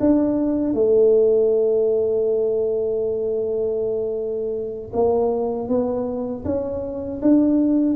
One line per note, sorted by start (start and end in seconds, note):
0.00 0.73 D4
0.73 4.91 A3
4.93 5.68 A#3
5.68 6.44 B3
6.45 7.20 C#4
7.22 7.96 D4